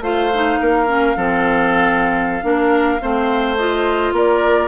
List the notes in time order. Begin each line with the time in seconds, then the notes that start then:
0.00 A3 F4 C5 F5
0.33 D#4
0.61 A#3 A#4
0.87 C#4
1.16 F3 C4 A4
2.42 A#3 D4 A#4
3.01 A3 C4 C5
3.56 F4 D#5
4.12 A#3 A#4 D5